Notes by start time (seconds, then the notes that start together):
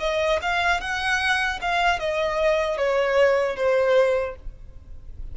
0.00 D#5
0.42 F5
0.81 F#5
1.61 F5
2.00 D#5
2.78 C#5
3.57 C5